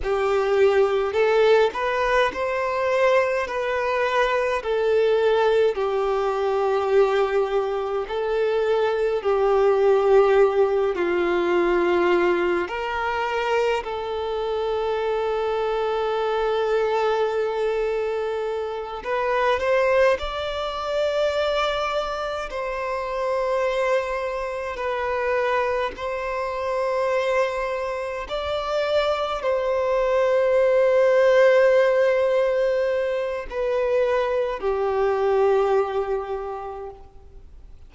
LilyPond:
\new Staff \with { instrumentName = "violin" } { \time 4/4 \tempo 4 = 52 g'4 a'8 b'8 c''4 b'4 | a'4 g'2 a'4 | g'4. f'4. ais'4 | a'1~ |
a'8 b'8 c''8 d''2 c''8~ | c''4. b'4 c''4.~ | c''8 d''4 c''2~ c''8~ | c''4 b'4 g'2 | }